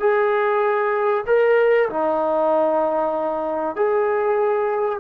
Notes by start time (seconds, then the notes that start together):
0.00 G#4
1.27 A#4
1.90 D#4
3.76 G#4